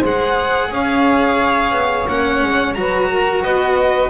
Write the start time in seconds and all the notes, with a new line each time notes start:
0.00 G#3 G#4 C5
0.06 F#5
0.71 C#4 C#5 F5
1.72 B3
2.09 A#3 C#4 F#5
2.43 G#3
2.74 F#3 F#4 B4 A#5
3.09 A#4
3.43 B3 B4 D#5